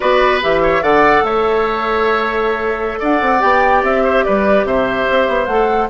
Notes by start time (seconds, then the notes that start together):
0.00 B3 F#4 B4 D5
0.41 E3 G4 E5
0.62 C#5
0.82 D3 A4 D5 F#5
1.22 A3 C#5 E5
2.99 D4 D5 F#5
3.21 C4
3.40 B3 G4 G5
3.82 C4 E5
4.03 C5
4.24 G3 B4 D5
4.64 C3 C5 E5
5.10 C4
5.28 B3
5.46 A3 A4 F#5